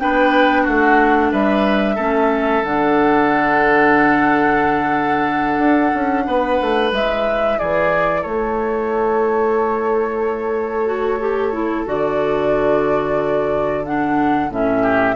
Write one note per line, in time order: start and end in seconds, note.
0.00 0.68 B3
0.00 1.98 D4
0.00 0.63 B4
0.00 0.66 G5
0.63 1.33 A3
0.63 1.29 F#4
0.63 1.33 F#5
1.32 1.98 G3
1.32 1.96 B4
1.32 2.64 E5
1.96 2.63 A3
1.96 2.64 C#4
1.96 6.24 A4
2.63 5.59 D3
2.63 6.93 D4
2.63 6.93 F#5
5.59 5.92 D4
5.95 6.27 C#4
6.27 6.60 B3
6.27 7.59 B4
6.61 6.92 A3
6.92 7.58 G#3
6.92 10.86 E4
6.92 7.59 E5
7.59 8.25 E3
7.59 8.22 G#4
7.59 8.23 D5
8.22 11.88 A3
8.22 14.82 A4
8.22 11.85 C#5
10.86 11.19 F#4
11.21 11.53 G4
11.53 11.86 E4
11.86 14.50 D3
11.86 13.84 F#4
11.86 13.86 D5
13.85 14.51 D4
13.85 14.52 F#5
14.50 15.16 A2
14.50 15.16 C#4
14.50 15.16 E5
14.83 15.16 G4